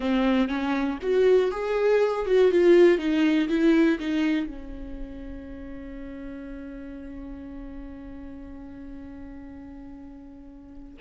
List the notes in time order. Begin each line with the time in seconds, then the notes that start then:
0.00 C4
0.48 C#4
1.02 F#4
1.51 G#4
2.26 F#4
2.51 F4
2.98 D#4
3.48 E4
3.99 D#4
4.46 C#4